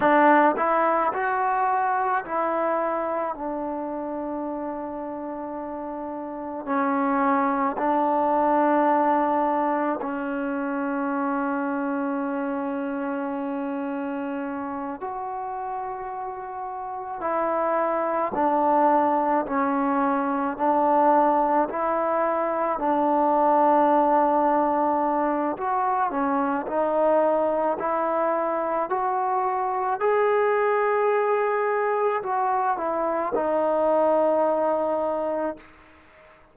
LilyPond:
\new Staff \with { instrumentName = "trombone" } { \time 4/4 \tempo 4 = 54 d'8 e'8 fis'4 e'4 d'4~ | d'2 cis'4 d'4~ | d'4 cis'2.~ | cis'4. fis'2 e'8~ |
e'8 d'4 cis'4 d'4 e'8~ | e'8 d'2~ d'8 fis'8 cis'8 | dis'4 e'4 fis'4 gis'4~ | gis'4 fis'8 e'8 dis'2 | }